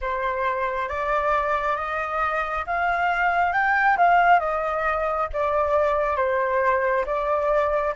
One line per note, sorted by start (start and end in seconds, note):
0.01 0.88 C5
0.88 1.76 D5
1.76 2.64 D#5
2.66 3.52 F5
3.52 3.96 G5
3.97 4.39 F5
4.39 5.27 D#5
5.33 6.16 D5
6.16 7.04 C5
7.06 7.94 D5